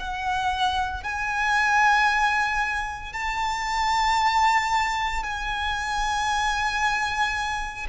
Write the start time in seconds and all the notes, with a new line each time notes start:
0.00 F#5
1.04 G#5
3.14 A5
5.24 G#5